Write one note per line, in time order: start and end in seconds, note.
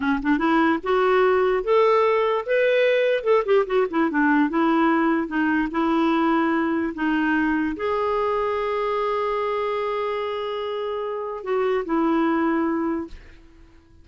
0.00 0.20 C#4
0.22 0.38 D4
0.38 0.79 E4
0.83 1.63 F#4
1.63 2.45 A4
2.45 3.23 B4
3.23 3.44 A4
3.45 3.65 G4
3.66 3.87 F#4
3.90 4.10 E4
4.10 4.49 D4
4.49 5.27 E4
5.27 5.68 D#4
5.71 6.93 E4
6.94 7.76 D#4
7.76 11.43 G#4
11.43 11.84 F#4
11.85 13.07 E4